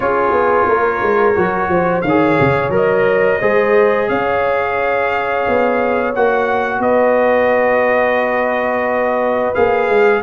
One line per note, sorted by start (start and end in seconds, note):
0.00 0.31 C#4
0.00 1.35 F4
0.00 0.67 G#4
0.00 2.01 C#5
0.31 0.65 B3
0.67 1.02 A#3
0.67 1.70 A#4
1.02 1.36 G#3
1.35 1.68 F#3
1.35 2.03 F#4
1.68 2.02 F3
1.68 2.04 C5
2.01 2.38 D#3
2.01 3.40 C#5
2.01 2.69 F5
2.08 2.71 G#4
2.39 2.69 C#3
2.69 3.37 F#3
2.69 3.39 A#4
2.75 4.09 D#5
3.40 4.09 G#3
3.40 6.14 G#4
3.40 4.08 C5
4.09 5.45 C#4
4.09 6.81 C#5
4.09 6.13 F5
5.47 6.15 B3
6.14 6.79 A#3
6.14 9.55 F#4
6.14 6.81 F#5
6.79 9.52 B3
6.79 10.22 B4
6.79 9.54 D#5
9.54 9.89 A#3
9.54 10.23 G#4
9.54 10.22 F5
9.89 10.23 G#3